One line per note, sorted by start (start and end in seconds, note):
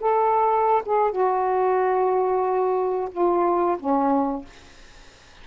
0.00 0.82 A4
0.85 1.11 G#4
1.11 3.09 F#4
3.11 3.77 F4
3.79 4.45 C#4